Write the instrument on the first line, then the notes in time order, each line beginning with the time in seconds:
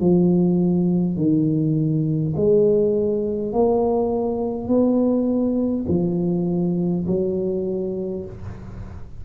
tuba
0.00 F3
1.17 D#3
2.36 G#3
3.53 A#3
4.68 B3
5.88 F3
7.07 F#3